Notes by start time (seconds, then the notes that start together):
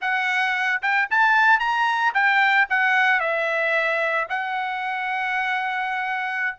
0.01 F#5
0.82 G5
1.10 A5
1.59 A#5
2.14 G5
2.69 F#5
3.20 E5
4.29 F#5